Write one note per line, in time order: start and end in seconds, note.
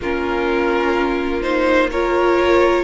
0.01 2.83 A#3
0.01 1.41 C#4
0.01 1.91 F4
0.01 1.41 A#4
1.41 1.89 D#4
1.41 1.89 C5
1.91 2.83 F4
1.91 2.83 A#4
1.91 2.83 C#5